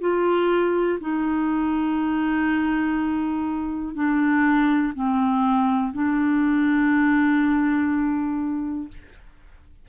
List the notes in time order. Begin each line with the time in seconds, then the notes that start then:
0.00 F4
1.00 D#4
3.94 D4
4.94 C4
5.93 D4